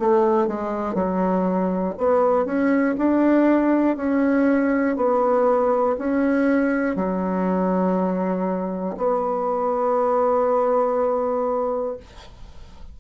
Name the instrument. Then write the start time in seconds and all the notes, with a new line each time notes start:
bassoon
0.00 A3
0.48 G#3
0.95 F#3
1.98 B3
2.45 C#4
2.98 D4
3.97 C#4
4.97 B3
5.98 C#4
6.96 F#3
8.97 B3